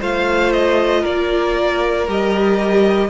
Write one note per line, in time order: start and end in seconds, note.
0.00 1.05 A3
0.00 2.08 F4
0.00 1.01 C5
0.00 0.53 F5
0.53 1.04 D#5
1.01 2.08 A#3
1.01 3.08 A#4
1.01 2.08 D5
2.08 3.09 G3
2.08 3.09 G4
2.08 3.09 D#5